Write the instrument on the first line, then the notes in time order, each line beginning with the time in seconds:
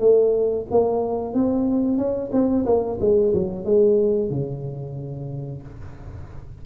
tuba
0.00 A3
0.71 A#3
1.34 C4
1.98 C#4
2.33 C4
2.66 A#3
3.00 G#3
3.34 F#3
3.65 G#3
4.30 C#3